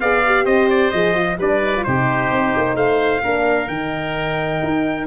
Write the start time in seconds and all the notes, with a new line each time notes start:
0.00 B3 G#4 D5 F5
0.25 G4
0.44 C4 C5 D#5
0.70 D5
0.90 F3 G#4 D#5
1.14 F4
1.38 G3 D4 B4 D5
1.62 D#4
1.76 F4
1.84 C3 D#4 G4 C5
2.31 C4
2.57 A#3
2.75 A3 C5 F5
3.22 A#3 D4 A#4
3.68 D#3 D#4 G5
4.63 D#4